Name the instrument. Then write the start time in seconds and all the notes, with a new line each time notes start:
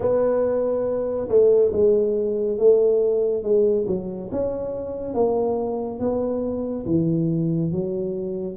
tuba
0.00 B3
1.29 A3
1.72 G#3
2.58 A3
3.43 G#3
3.87 F#3
4.31 C#4
5.14 A#3
5.99 B3
6.86 E3
7.71 F#3